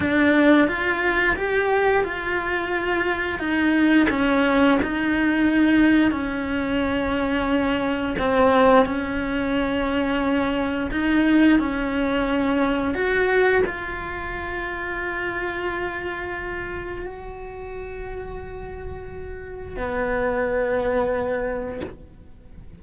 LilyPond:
\new Staff \with { instrumentName = "cello" } { \time 4/4 \tempo 4 = 88 d'4 f'4 g'4 f'4~ | f'4 dis'4 cis'4 dis'4~ | dis'4 cis'2. | c'4 cis'2. |
dis'4 cis'2 fis'4 | f'1~ | f'4 fis'2.~ | fis'4 b2. | }